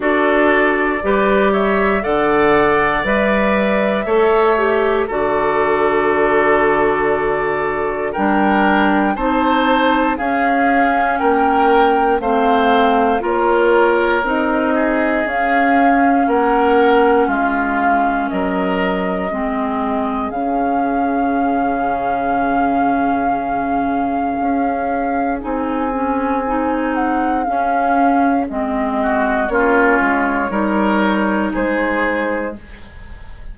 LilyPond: <<
  \new Staff \with { instrumentName = "flute" } { \time 4/4 \tempo 4 = 59 d''4. e''8 fis''4 e''4~ | e''4 d''2. | g''4 a''4 f''4 g''4 | f''4 cis''4 dis''4 f''4 |
fis''4 f''4 dis''2 | f''1~ | f''4 gis''4. fis''8 f''4 | dis''4 cis''2 c''4 | }
  \new Staff \with { instrumentName = "oboe" } { \time 4/4 a'4 b'8 cis''8 d''2 | cis''4 a'2. | ais'4 c''4 gis'4 ais'4 | c''4 ais'4. gis'4. |
ais'4 f'4 ais'4 gis'4~ | gis'1~ | gis'1~ | gis'8 fis'8 f'4 ais'4 gis'4 | }
  \new Staff \with { instrumentName = "clarinet" } { \time 4/4 fis'4 g'4 a'4 b'4 | a'8 g'8 fis'2. | d'4 dis'4 cis'2 | c'4 f'4 dis'4 cis'4~ |
cis'2. c'4 | cis'1~ | cis'4 dis'8 cis'8 dis'4 cis'4 | c'4 cis'4 dis'2 | }
  \new Staff \with { instrumentName = "bassoon" } { \time 4/4 d'4 g4 d4 g4 | a4 d2. | g4 c'4 cis'4 ais4 | a4 ais4 c'4 cis'4 |
ais4 gis4 fis4 gis4 | cis1 | cis'4 c'2 cis'4 | gis4 ais8 gis8 g4 gis4 | }
>>